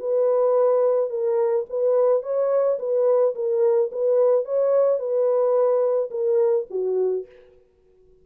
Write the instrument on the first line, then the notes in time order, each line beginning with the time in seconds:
horn
0.00 B4
1.10 A#4
1.69 B4
2.23 C#5
2.79 B4
3.35 A#4
3.92 B4
4.45 C#5
4.99 B4
6.11 A#4
6.70 F#4